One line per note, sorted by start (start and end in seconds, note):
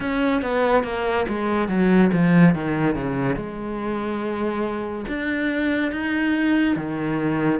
0.00 0.42 C#4
0.42 0.83 B3
0.83 1.26 A#3
1.28 1.68 G#3
1.68 2.10 F#3
2.12 2.54 F3
2.54 2.95 D#3
2.95 3.36 C#3
3.36 5.05 G#3
5.08 5.92 D4
5.92 6.76 D#4
6.76 7.60 D#3